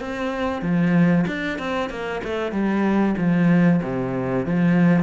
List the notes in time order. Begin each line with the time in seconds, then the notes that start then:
0.00 C4
0.62 F3
1.27 D4
1.59 C4
1.90 A#3
2.24 A3
2.52 G3
3.18 F3
3.83 C3
4.46 F3